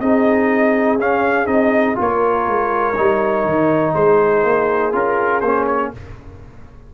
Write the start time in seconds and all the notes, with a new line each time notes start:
0.00 C4 D#4 G#4 D#5
0.97 C#4 F5
1.46 C4 D#4 D#5
1.95 A#3 F4 A#4 C#5
2.48 G#3
2.96 G3 D#4
3.44 D#3
3.94 G#3 G#4 C5
4.44 A#3
4.92 C#4 F4 A#4
5.41 A#3 C#4 C5
5.67 C#5